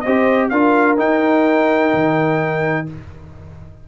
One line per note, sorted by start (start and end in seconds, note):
0.00 0.52 G4
0.00 0.50 C5
0.00 0.47 D#5
0.06 0.51 C4
0.49 0.98 D4
0.49 0.97 F4
0.49 2.87 A#4
0.49 0.97 F5
0.97 2.86 D#4
0.97 1.93 D#4
0.97 2.88 G5
1.93 2.88 D#3